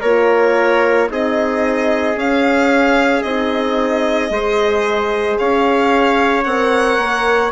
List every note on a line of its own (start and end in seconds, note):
0.00 1.09 A#3
0.00 1.08 F4
0.00 1.07 A#4
0.00 1.08 C#5
1.08 2.15 C4
1.08 2.15 D#4
1.08 4.32 G#4
1.08 2.18 D#5
2.15 3.22 C#4
2.15 3.23 C#4
2.15 3.22 F5
3.22 4.29 C4
3.22 4.29 D#4
3.22 5.36 D#5
4.29 5.37 G#3
4.29 6.44 G#4
4.29 5.39 C5
5.38 6.45 C#4
5.38 7.52 C#5
5.38 6.43 F5
6.43 6.97 C4
6.43 7.52 A#4
6.43 7.50 F#5
6.97 7.51 A#3